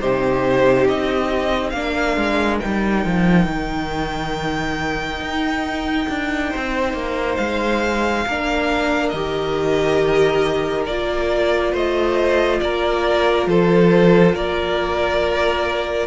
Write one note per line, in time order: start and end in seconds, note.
0.00 0.89 C3
0.00 1.75 D#4
0.00 1.73 G4
0.00 0.88 C5
0.88 1.73 C4
0.88 1.70 D#5
1.70 2.17 A#3
1.70 2.61 D4
1.70 6.50 A#4
1.70 2.57 F5
2.17 2.60 G#3
2.60 3.05 G3
2.60 8.26 D#4
2.60 7.37 G5
3.05 3.46 F3
3.46 5.20 D#3
5.20 6.07 D#4
6.09 6.52 D4
6.50 6.94 C4
6.50 8.24 C5
6.94 7.37 A#3
7.37 8.25 G#3
7.37 9.09 F5
8.27 9.13 A#3
8.27 9.15 D4
8.27 11.72 A#4
9.09 10.87 D#3
9.09 10.89 G4
9.09 10.83 D#5
10.86 11.73 A#3
10.86 16.07 F4
10.86 11.73 D5
11.72 12.60 A3
11.72 12.59 C5
11.72 12.60 D#5
12.60 13.47 A#3
12.60 13.49 A#4
12.60 13.47 D5
13.47 14.34 F3
13.47 14.35 A4
13.47 14.36 C5
14.34 16.07 A#3
14.34 16.07 A#4
14.34 16.07 D5